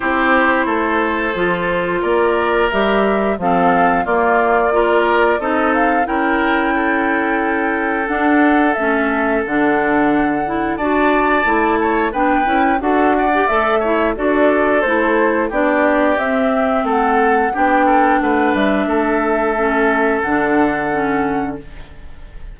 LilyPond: <<
  \new Staff \with { instrumentName = "flute" } { \time 4/4 \tempo 4 = 89 c''2. d''4 | e''4 f''4 d''2 | dis''8 f''8 g''2. | fis''4 e''4 fis''2 |
a''2 g''4 fis''4 | e''4 d''4 c''4 d''4 | e''4 fis''4 g''4 fis''8 e''8~ | e''2 fis''2 | }
  \new Staff \with { instrumentName = "oboe" } { \time 4/4 g'4 a'2 ais'4~ | ais'4 a'4 f'4 ais'4 | a'4 ais'4 a'2~ | a'1 |
d''4. cis''8 b'4 a'8 d''8~ | d''8 cis''8 a'2 g'4~ | g'4 a'4 g'8 a'8 b'4 | a'1 | }
  \new Staff \with { instrumentName = "clarinet" } { \time 4/4 e'2 f'2 | g'4 c'4 ais4 f'4 | dis'4 e'2. | d'4 cis'4 d'4. e'8 |
fis'4 e'4 d'8 e'8 fis'8. g'16 | a'8 e'8 fis'4 e'4 d'4 | c'2 d'2~ | d'4 cis'4 d'4 cis'4 | }
  \new Staff \with { instrumentName = "bassoon" } { \time 4/4 c'4 a4 f4 ais4 | g4 f4 ais2 | c'4 cis'2. | d'4 a4 d2 |
d'4 a4 b8 cis'8 d'4 | a4 d'4 a4 b4 | c'4 a4 b4 a8 g8 | a2 d2 | }
>>